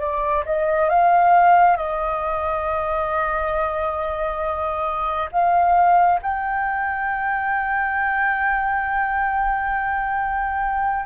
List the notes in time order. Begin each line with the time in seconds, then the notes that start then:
0.00 D5
0.45 D#5
0.89 F5
1.76 D#5
5.31 F5
6.22 G5